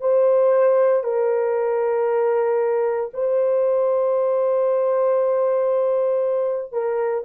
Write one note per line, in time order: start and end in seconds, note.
0.00 1.03 C5
1.03 3.10 A#4
3.13 6.72 C5
6.72 7.24 A#4